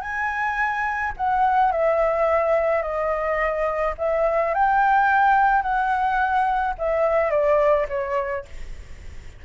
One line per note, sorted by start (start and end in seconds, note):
0.00 1.12 G#5
1.16 1.71 F#5
1.71 2.82 E5
2.82 3.94 D#5
3.98 4.54 E5
4.54 5.62 G5
5.62 6.74 F#5
6.78 7.30 E5
7.30 7.86 D5
7.88 8.44 C#5